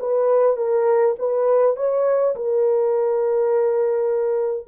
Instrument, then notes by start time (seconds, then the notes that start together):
horn
0.00 B4
0.57 A#4
1.19 B4
1.76 C#5
2.36 A#4